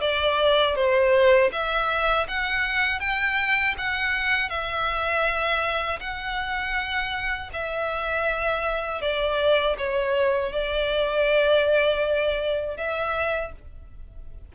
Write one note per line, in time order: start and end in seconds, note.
0.00 0.75 D5
0.75 1.50 C5
1.52 2.27 E5
2.27 2.99 F#5
2.99 3.74 G5
3.77 4.49 F#5
4.49 5.99 E5
6.00 7.50 F#5
7.53 9.01 E5
9.01 9.76 D5
9.77 10.52 C#5
10.52 12.77 D5
12.77 13.52 E5